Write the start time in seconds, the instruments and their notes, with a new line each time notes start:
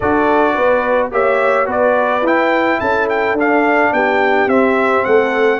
0.00 tuba D4, trombone F#4, horn A4, trumpet D5
0.54 tuba B3, horn B4
1.11 tuba A#3, trombone G4, horn C#5, trumpet E5
1.65 tuba B3, trombone F#4, horn B4, trumpet D5
2.22 tuba E4, trombone E4, trumpet G5
2.80 tuba C#4, horn A4, trumpet A5
3.09 trumpet G5
3.33 tuba D4, trombone D4
3.39 trumpet F5
3.93 tuba B3, horn G4, trumpet G5
4.46 tuba C4, trombone C4, trumpet E5
5.05 tuba A3, horn A4, trumpet F#5